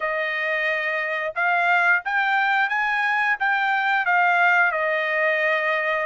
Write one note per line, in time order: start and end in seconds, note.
0.00 1.33 D#5
1.35 2.02 F5
2.04 2.69 G5
2.69 3.36 G#5
3.39 4.05 G5
4.05 4.71 F5
4.71 6.06 D#5